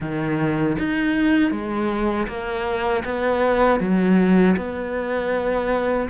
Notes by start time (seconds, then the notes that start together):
0.00 D#3
0.78 D#4
1.51 G#3
2.27 A#3
3.04 B3
3.80 F#3
4.56 B3